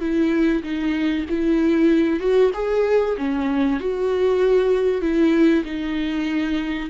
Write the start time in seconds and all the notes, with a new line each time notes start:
0.00 E4
0.63 D#4
1.29 E4
2.20 F#4
2.54 G#4
3.17 C#4
3.80 F#4
5.01 E4
5.65 D#4